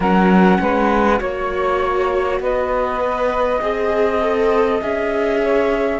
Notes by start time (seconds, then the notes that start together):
0.00 F#3 C#4 A#4 F#5
0.60 G#3 B4
1.18 A#3 F#4 C#5
2.40 B3 B4 D#5
3.00 B4
3.61 C4 G#4 D#5
4.21 A4
4.80 C#4 G#4 E5
5.42 C#5